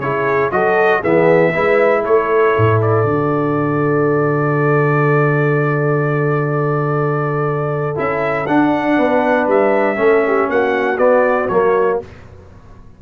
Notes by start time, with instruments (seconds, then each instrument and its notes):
0.00 tuba C#3, trombone E4, horn G#4, trumpet C#5
0.52 tuba F#3, trombone F#4, horn A4, trumpet D#5
1.01 tuba E3, trombone B3, horn G#4, trumpet E5
1.52 tuba G#3, trombone E4, horn B4
2.03 tuba A3, horn A4, trumpet C#5
2.58 tuba A2
2.82 trumpet D5
3.04 tuba D3, trombone F#4
7.96 tuba C#4, trombone E4, trumpet E5
8.47 tuba D4, trombone D4, trumpet F#5
8.97 tuba B3, horn B4
9.47 tuba G3, trumpet E5
9.96 tuba A3, trombone C#4, horn A4
10.27 horn G4
10.49 tuba A#3, horn F#4, trumpet F#5
10.98 tuba B3, trombone B3, trumpet D5
11.48 tuba F#3, trombone A#3, trumpet C#5